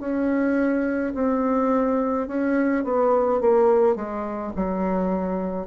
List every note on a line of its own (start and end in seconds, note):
0.00 1.13 C#4
1.15 2.28 C4
2.28 2.84 C#4
2.84 3.41 B3
3.41 3.96 A#3
3.96 4.52 G#3
4.56 5.67 F#3